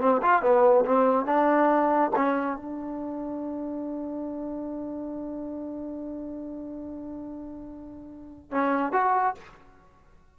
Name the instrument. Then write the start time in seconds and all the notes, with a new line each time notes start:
trombone
0.00 C4
0.22 F4
0.42 B3
0.85 C4
1.26 D4
2.16 C#4
2.56 D4
8.51 C#4
8.92 F#4